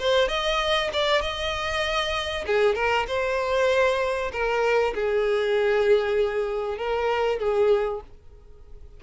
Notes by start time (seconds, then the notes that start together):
0.00 C5
0.29 D#5
0.94 D5
1.22 D#5
2.47 G#4
2.76 A#4
3.08 C5
4.32 A#4
4.95 G#4
6.78 A#4
7.39 G#4